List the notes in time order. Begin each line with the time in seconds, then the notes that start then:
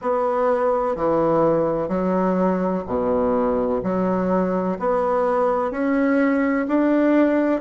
0.01 B3
0.95 E3
1.88 F#3
2.87 B2
3.83 F#3
4.79 B3
5.71 C#4
6.68 D4